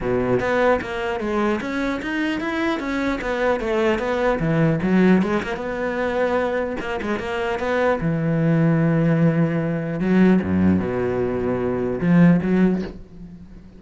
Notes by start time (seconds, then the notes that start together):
0.00 B2
0.40 B3
0.81 A#3
1.19 G#3
1.60 C#4
2.01 D#4
2.40 E4
2.79 C#4
3.21 B3
3.60 A3
3.99 B3
4.39 E3
4.82 F#3
5.22 G#3
5.42 A#3
5.56 B3
6.80 A#3
7.01 G#3
7.19 A#3
7.59 B3
8.01 E3
9.99 F#3
10.42 F#2
10.80 B2
12.00 F3
12.42 F#3